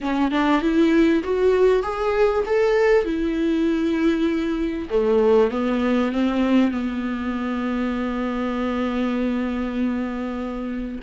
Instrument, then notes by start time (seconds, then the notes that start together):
viola
0.01 C#4
0.31 D4
0.61 E4
1.23 F#4
1.82 G#4
2.45 A4
3.04 E4
4.90 A3
5.50 B3
6.12 C4
6.71 B3